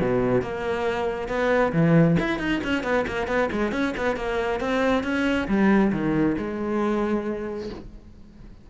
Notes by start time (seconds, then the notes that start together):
0.00 B2
0.42 A#3
1.28 B3
1.72 E3
2.19 E4
2.39 D#4
2.64 C#4
2.83 B3
3.07 A#3
3.27 B3
3.52 G#3
3.72 C#4
3.97 B3
4.16 A#3
4.60 C4
5.03 C#4
5.47 G3
5.92 D#3
6.37 G#3